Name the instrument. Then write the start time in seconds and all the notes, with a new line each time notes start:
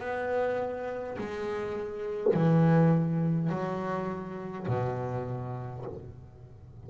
double bass
0.00 B3
1.19 G#3
2.34 E3
3.50 F#3
4.68 B2